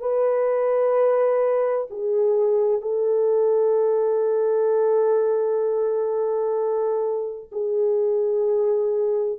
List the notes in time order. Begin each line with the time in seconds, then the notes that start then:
0.00 B4
1.90 G#4
2.81 A4
7.52 G#4